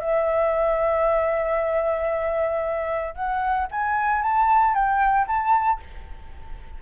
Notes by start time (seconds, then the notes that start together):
0.00 E5
3.15 F#5
3.71 G#5
4.22 A5
4.74 G5
5.27 A5